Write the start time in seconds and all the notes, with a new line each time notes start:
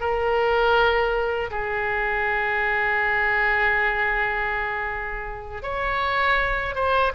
0.00 A#4
1.50 G#4
5.62 C#5
6.74 C5